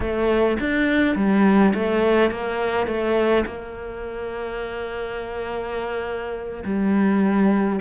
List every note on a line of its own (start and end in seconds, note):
0.00 0.58 A3
0.60 1.15 D4
1.15 1.73 G3
1.73 2.31 A3
2.31 2.87 A#3
2.87 3.44 A3
3.46 6.63 A#3
6.64 7.79 G3